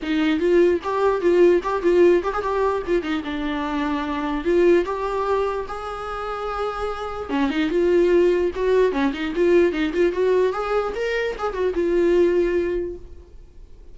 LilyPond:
\new Staff \with { instrumentName = "viola" } { \time 4/4 \tempo 4 = 148 dis'4 f'4 g'4 f'4 | g'8 f'4 g'16 gis'16 g'4 f'8 dis'8 | d'2. f'4 | g'2 gis'2~ |
gis'2 cis'8 dis'8 f'4~ | f'4 fis'4 cis'8 dis'8 f'4 | dis'8 f'8 fis'4 gis'4 ais'4 | gis'8 fis'8 f'2. | }